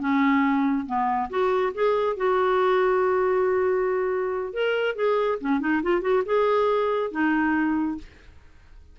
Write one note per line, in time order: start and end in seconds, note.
0.00 0.86 C#4
0.86 1.29 B3
1.30 1.73 F#4
1.74 2.17 G#4
2.17 4.53 F#4
4.53 4.96 A#4
4.96 5.39 G#4
5.41 5.60 C#4
5.60 5.82 D#4
5.83 6.02 F4
6.02 6.23 F#4
6.26 7.11 G#4
7.11 7.98 D#4